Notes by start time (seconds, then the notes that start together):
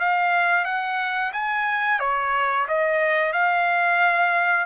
0.00 F5
0.65 F#5
1.33 G#5
2.00 C#5
2.68 D#5
3.33 F5